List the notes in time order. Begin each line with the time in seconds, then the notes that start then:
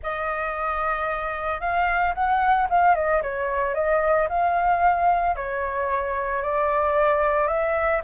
0.03 D#5
1.60 F5
2.14 F#5
2.69 F5
2.95 D#5
3.22 C#5
3.74 D#5
4.29 F5
5.35 C#5
6.42 D5
7.47 E5